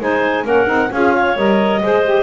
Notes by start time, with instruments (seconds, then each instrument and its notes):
0.00 double bass G#3, saxophone D#4, clarinet C5 G#5
0.44 double bass A#3, saxophone C#4, clarinet A#4 F#5
0.67 double bass C4, saxophone D#4
0.92 double bass C#4, saxophone F4, clarinet G#4 F5
1.14 clarinet C#5
1.37 double bass G3, saxophone A#4, clarinet D#5
1.83 double bass G#3, saxophone G#4, clarinet C5
2.04 saxophone G4